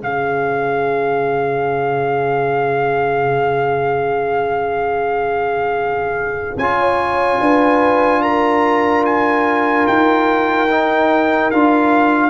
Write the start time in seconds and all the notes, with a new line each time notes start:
0.00 C#3 C#4 G#4 F5
6.57 C#4 F4 G#5
6.79 C#5
7.40 D4 B4
8.22 A#4 A#5
9.05 G#5
9.87 D#4 G5
10.70 D#4
11.51 D4 F4 F5